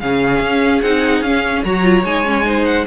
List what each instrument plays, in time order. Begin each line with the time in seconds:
0.00 cello C#3, viola C#4, violin G#4 F5
0.40 cello C#4
0.82 cello C4, viola D#4, violin F#5
1.21 cello C#4, viola C#4, violin F5
1.64 cello F#3, viola F#4, violin C#5 A#5
1.83 viola F4
2.04 cello G#3, viola D#4, violin G#5
2.25 viola C#4
2.44 viola D#4, violin C5
2.65 violin F#5